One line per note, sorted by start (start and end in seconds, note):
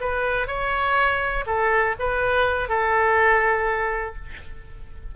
0.00 0.47 B4
0.47 1.45 C#5
1.46 1.95 A4
1.99 2.69 B4
2.69 4.15 A4